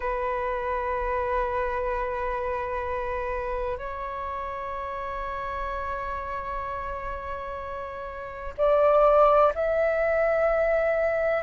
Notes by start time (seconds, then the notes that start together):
0.00 B4
3.77 C#5
8.57 D5
9.55 E5